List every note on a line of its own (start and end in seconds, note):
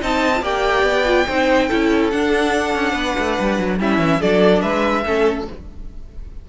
0.00 0.41 C4
0.00 0.33 D#4
0.00 0.42 D#5
0.00 0.44 A5
0.36 0.82 A#3
0.36 0.42 F4
0.42 1.05 G4
0.42 1.27 D5
0.42 2.10 G5
0.82 1.24 B3
1.05 1.26 F4
1.27 1.70 C4
1.27 1.70 D#4
1.27 1.68 C5
1.68 2.12 C#4
1.68 2.12 E4
1.68 2.93 A4
2.10 3.79 D4
2.10 2.75 D4
2.10 3.78 F#5
2.75 2.93 C#4
2.93 3.14 B3
2.93 3.76 B4
3.18 3.39 A3
3.40 3.58 G3
3.58 3.79 F#3
3.79 3.98 G3
3.79 4.20 C#4
3.79 4.20 E4
3.79 4.21 E5
3.98 4.19 E3
4.20 4.63 F#3
4.20 5.04 D4
4.20 4.62 A4
4.20 4.61 D5
4.61 5.05 G#3
4.61 5.04 B4
4.61 5.45 E5
5.05 5.48 A3
5.05 5.47 C#4
5.05 5.49 A4